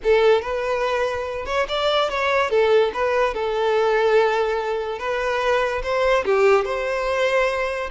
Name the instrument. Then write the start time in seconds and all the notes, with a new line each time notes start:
violin
0.03 A4
0.41 B4
1.45 C#5
1.68 D5
2.09 C#5
2.49 A4
2.93 B4
3.34 A4
4.98 B4
5.82 C5
6.24 G4
6.65 C5